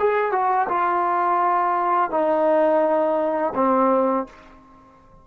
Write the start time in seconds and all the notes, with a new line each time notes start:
0.00 G#4
0.32 F#4
0.69 F4
2.11 D#4
3.56 C4